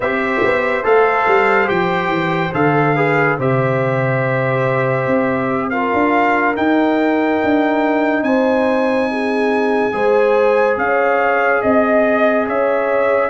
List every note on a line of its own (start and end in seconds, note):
0.00 0.42 C4
0.00 0.83 G4
0.00 2.95 C5
0.00 0.85 E5
0.43 0.84 B3
0.83 1.26 A3
0.83 1.65 A4
0.83 1.68 F5
1.27 1.69 G3
1.65 2.08 F3
1.65 2.50 G4
1.65 2.53 G5
2.08 2.50 E3
2.53 3.38 D3
2.53 2.95 A4
2.53 3.38 F5
2.95 3.38 G#4
2.95 3.37 B4
3.38 5.06 C3
3.38 5.71 G4
3.38 5.70 C5
3.38 5.70 E5
5.06 5.90 C4
5.70 6.56 F4
5.70 8.24 A#4
5.70 6.54 F5
5.93 6.56 D4
6.56 9.92 D#4
6.56 7.42 D#4
6.56 8.23 G5
7.43 8.22 D4
8.22 9.91 C4
8.22 9.09 C5
8.22 10.76 G#5
9.11 9.94 G#4
9.92 10.77 G#3
9.92 13.30 G#4
9.92 10.79 C5
10.77 11.61 C#4
10.77 11.62 C#5
10.77 11.62 F5
11.62 12.48 C4
11.62 12.46 D#5
12.47 13.30 C#4
12.47 13.30 C#5
12.47 13.30 E5